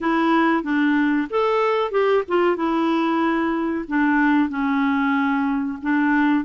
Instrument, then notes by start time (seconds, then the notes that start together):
clarinet
0.00 E4
0.63 D4
1.30 A4
1.91 G4
2.28 F4
2.56 E4
3.87 D4
4.49 C#4
5.82 D4